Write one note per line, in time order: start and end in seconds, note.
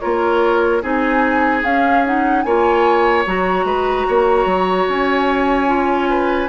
0.00 0.83 A#3
0.00 0.82 F4
0.00 0.82 A#4
0.00 0.81 C#5
0.82 1.64 C4
0.82 1.63 D#4
0.82 2.44 G#4
0.82 1.65 G#5
1.64 2.45 C#4
1.64 2.05 C#4
1.64 2.05 F5
2.05 2.45 D#4
2.05 2.42 F#5
2.42 3.26 A#3
2.42 3.26 F4
2.42 3.66 C#5
2.42 3.23 G#5
3.26 3.64 F#3
3.26 5.67 F#4
3.26 4.89 A#5
3.64 4.05 G#3
3.64 4.07 B4
4.08 4.45 A#3
4.08 6.09 C#5
4.45 4.86 F#3
4.89 6.49 C#4
4.89 6.49 G#5
5.67 6.48 F4
6.09 6.49 B4